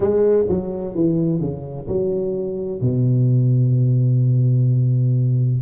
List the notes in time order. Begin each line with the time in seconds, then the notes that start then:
0.00 G#3
0.48 F#3
0.95 E3
1.40 C#3
1.87 F#3
2.81 B2